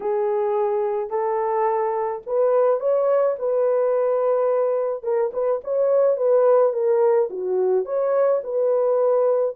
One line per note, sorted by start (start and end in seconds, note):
0.00 1.10 G#4
1.10 2.22 A4
2.26 2.80 B4
2.80 3.36 C#5
3.38 5.03 B4
5.03 5.31 A#4
5.33 5.61 B4
5.64 6.17 C#5
6.17 6.73 B4
6.73 7.29 A#4
7.30 7.85 F#4
7.85 8.41 C#5
8.43 9.55 B4